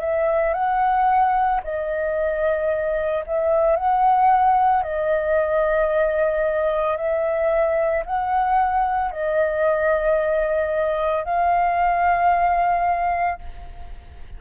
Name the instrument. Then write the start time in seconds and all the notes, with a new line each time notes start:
flute
0.00 E5
0.54 F#5
1.64 D#5
3.26 E5
3.76 F#5
4.83 D#5
6.97 E5
8.05 F#5
9.11 D#5
11.24 F5